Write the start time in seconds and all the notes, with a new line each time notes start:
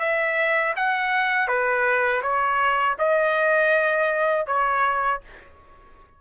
0.00 E5
0.76 F#5
1.48 B4
2.23 C#5
2.99 D#5
4.47 C#5